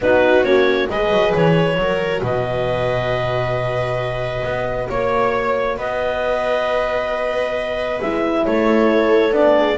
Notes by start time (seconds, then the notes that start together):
0.01 B3 D#4 F#4 B4
0.43 A#3 C#4 C#5
0.89 G#3 G#4 B4 D#5
1.10 F#3
1.34 E3 C#5
1.76 F#3 F#4 A#4
2.22 B2 B4 D#5
4.43 B3
4.89 A#3 C#5
5.76 B3 B4 D#5
8.01 G#3 E4 E5
8.45 A3 A4 C#5
9.31 B3 D4 D5
9.57 G#4